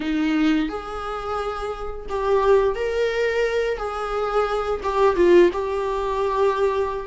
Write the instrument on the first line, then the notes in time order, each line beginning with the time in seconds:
viola
0.00 D#4
0.68 G#4
2.09 G4
2.75 A#4
3.77 G#4
4.83 G4
5.15 F4
5.52 G4